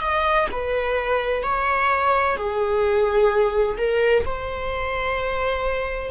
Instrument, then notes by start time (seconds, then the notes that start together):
viola
0.00 D#5
0.51 B4
1.42 C#5
2.36 G#4
3.77 A#4
4.25 C5